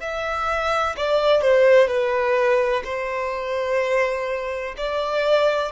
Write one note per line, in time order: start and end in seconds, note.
0.00 0.95 E5
0.97 1.42 D5
1.42 1.87 C5
1.87 2.83 B4
2.84 4.74 C5
4.77 5.71 D5